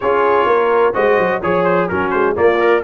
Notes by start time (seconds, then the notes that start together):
0.00 C#4 F4 G#4 C#5
0.45 A#3 A#4
0.93 G#3 F#4 C5 D#5
1.18 F#3
1.41 F3 G#4 C#5
1.64 C5
1.88 F#3 C#4 F#4 A#4
2.10 G#3 C5
2.35 A#3 F4 D5
2.59 A#4